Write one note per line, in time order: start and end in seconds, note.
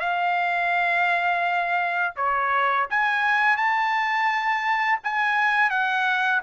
0.00 2.14 F5
2.16 2.87 C#5
2.90 3.57 G#5
3.57 5.00 A5
5.04 5.70 G#5
5.70 6.41 F#5